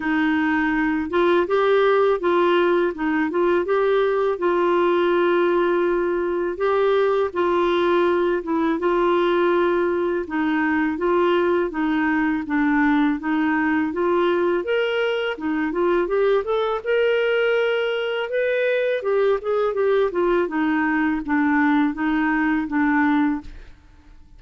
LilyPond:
\new Staff \with { instrumentName = "clarinet" } { \time 4/4 \tempo 4 = 82 dis'4. f'8 g'4 f'4 | dis'8 f'8 g'4 f'2~ | f'4 g'4 f'4. e'8 | f'2 dis'4 f'4 |
dis'4 d'4 dis'4 f'4 | ais'4 dis'8 f'8 g'8 a'8 ais'4~ | ais'4 b'4 g'8 gis'8 g'8 f'8 | dis'4 d'4 dis'4 d'4 | }